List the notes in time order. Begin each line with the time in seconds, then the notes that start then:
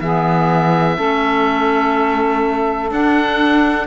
0.00 E3 B3 G#4 E5
0.96 A3 C#4 A4
2.91 D4 F#5